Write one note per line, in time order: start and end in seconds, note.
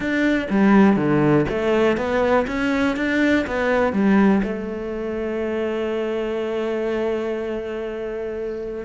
0.00 0.47 D4
0.49 0.96 G3
0.96 1.45 D3
1.49 1.97 A3
1.97 2.46 B3
2.47 2.96 C#4
2.96 3.45 D4
3.46 3.93 B3
3.93 4.42 G3
4.43 8.85 A3